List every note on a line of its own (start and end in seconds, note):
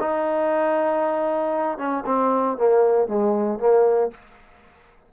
0.00 1.78 D#4
1.78 2.04 C#4
2.06 2.57 C4
2.58 3.08 A#3
3.08 3.59 G#3
3.59 4.11 A#3